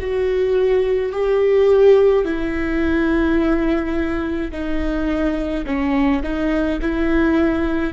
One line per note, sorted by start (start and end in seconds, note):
0.00 1.13 F#4
1.13 2.25 G4
2.25 4.51 E4
4.52 5.65 D#4
5.66 6.23 C#4
6.23 6.80 D#4
6.82 7.93 E4